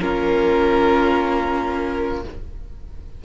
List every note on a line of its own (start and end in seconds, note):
0.00 2.24 A#3
0.00 2.23 C#4
0.00 2.24 F4
0.00 2.22 A#4